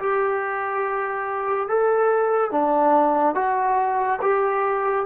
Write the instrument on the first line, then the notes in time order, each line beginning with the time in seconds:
trombone
0.00 G4
1.69 A4
2.52 D4
3.35 F#4
4.22 G4